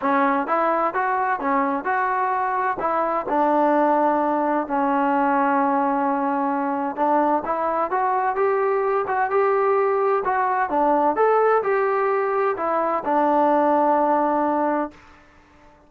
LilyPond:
\new Staff \with { instrumentName = "trombone" } { \time 4/4 \tempo 4 = 129 cis'4 e'4 fis'4 cis'4 | fis'2 e'4 d'4~ | d'2 cis'2~ | cis'2. d'4 |
e'4 fis'4 g'4. fis'8 | g'2 fis'4 d'4 | a'4 g'2 e'4 | d'1 | }